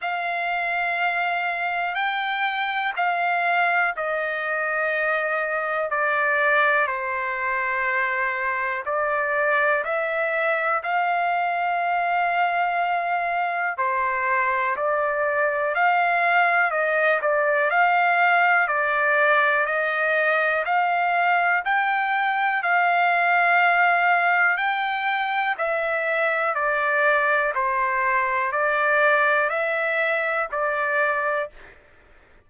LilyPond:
\new Staff \with { instrumentName = "trumpet" } { \time 4/4 \tempo 4 = 61 f''2 g''4 f''4 | dis''2 d''4 c''4~ | c''4 d''4 e''4 f''4~ | f''2 c''4 d''4 |
f''4 dis''8 d''8 f''4 d''4 | dis''4 f''4 g''4 f''4~ | f''4 g''4 e''4 d''4 | c''4 d''4 e''4 d''4 | }